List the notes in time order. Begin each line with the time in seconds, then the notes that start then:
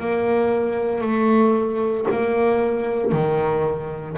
0.00 A#3
1.01 A3
2.11 A#3
3.12 D#3